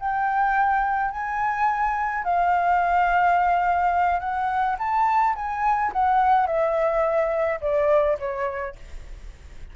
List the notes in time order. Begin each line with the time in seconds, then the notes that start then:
0.00 G5
1.11 G#5
2.24 F5
4.20 F#5
4.79 A5
5.35 G#5
5.93 F#5
6.47 E5
7.61 D5
8.19 C#5